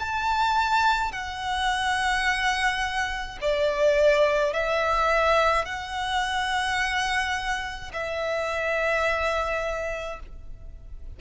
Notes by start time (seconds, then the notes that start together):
0.00 A5
1.12 F#5
3.42 D5
4.53 E5
5.66 F#5
7.93 E5